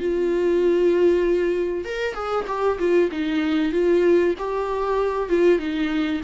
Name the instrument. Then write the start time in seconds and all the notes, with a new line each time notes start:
viola
0.00 F4
1.85 A#4
2.14 G#4
2.47 G4
2.79 F4
3.12 D#4
3.72 F4
4.39 G4
5.30 F4
5.59 D#4